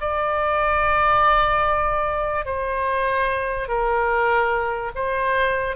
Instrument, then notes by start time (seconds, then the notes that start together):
oboe
0.00 D5
2.45 C5
3.68 A#4
4.95 C5